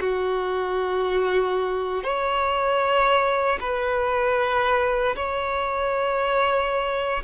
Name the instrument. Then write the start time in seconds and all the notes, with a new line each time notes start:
violin
0.00 F#4
2.03 C#5
3.60 B4
5.16 C#5